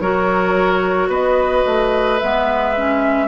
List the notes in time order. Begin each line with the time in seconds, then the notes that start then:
0.00 F#3 F#4 A#4 C#5
1.08 B3 B4 D#5
1.66 A3
2.20 G#3 B3 E5
2.77 C#4